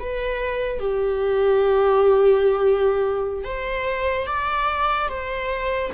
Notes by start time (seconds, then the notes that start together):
0.00 B4
0.80 G4
3.45 C5
4.27 D5
5.09 C5